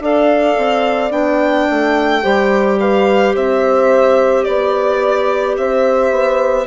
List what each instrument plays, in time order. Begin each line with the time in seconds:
0.00 bassoon D4, clarinet A4, horn D5, violin F5
0.57 bassoon C4
1.10 bassoon B3, clarinet D4, violin G5
1.70 bassoon A3
2.21 bassoon G3, clarinet G4, horn C5
2.79 horn B4, violin F5
3.35 bassoon C4, horn C5, violin E5
4.44 bassoon B3, violin D5, horn D5
5.57 bassoon C4, horn C5, violin E5
6.11 bassoon B3